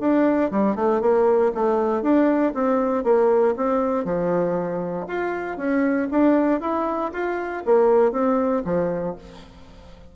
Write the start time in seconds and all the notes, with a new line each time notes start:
0.00 D4
0.51 G3
0.76 A3
1.01 A#3
1.55 A3
2.02 D4
2.54 C4
3.04 A#3
3.57 C4
4.05 F3
5.08 F4
5.58 C#4
6.11 D4
6.61 E4
7.13 F4
7.66 A#3
8.12 C4
8.65 F3